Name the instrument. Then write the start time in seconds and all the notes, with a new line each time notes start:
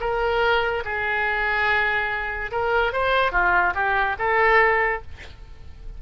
oboe
0.00 A#4
0.84 G#4
2.52 A#4
2.93 C5
3.31 F4
3.75 G4
4.19 A4